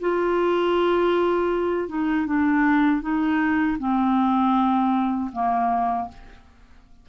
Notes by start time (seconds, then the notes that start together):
0.00 F4
1.88 D#4
2.26 D4
3.01 D#4
3.79 C4
5.32 A#3